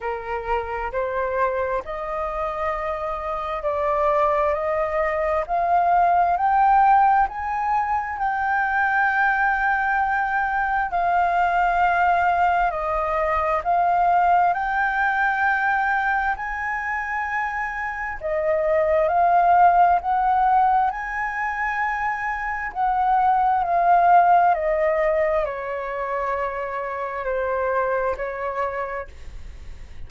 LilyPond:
\new Staff \with { instrumentName = "flute" } { \time 4/4 \tempo 4 = 66 ais'4 c''4 dis''2 | d''4 dis''4 f''4 g''4 | gis''4 g''2. | f''2 dis''4 f''4 |
g''2 gis''2 | dis''4 f''4 fis''4 gis''4~ | gis''4 fis''4 f''4 dis''4 | cis''2 c''4 cis''4 | }